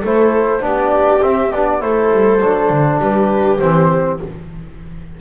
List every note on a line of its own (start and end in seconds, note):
0.00 0.61 A3
0.00 0.60 E4
0.00 0.59 A4
0.00 0.64 C5
0.60 1.20 B3
0.60 1.19 D4
0.60 1.81 G4
0.60 1.22 D5
1.21 1.51 C4
1.21 1.52 E5
1.51 1.81 B3
1.51 1.80 D4
1.51 1.81 D5
1.80 2.11 A3
1.80 2.39 E4
1.80 3.00 A4
1.80 3.00 C5
2.11 2.40 G3
2.40 2.69 F#3
2.40 3.59 D4
2.69 2.99 D3
3.00 3.59 G3
3.00 4.19 G4
3.00 3.58 B4
3.58 4.20 E3
3.58 4.20 C4
3.58 4.17 C5